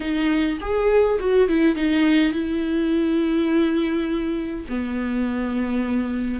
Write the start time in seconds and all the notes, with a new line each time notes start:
0.00 D#4
0.60 G#4
1.19 F#4
1.48 E4
1.75 D#4
2.32 E4
4.69 B3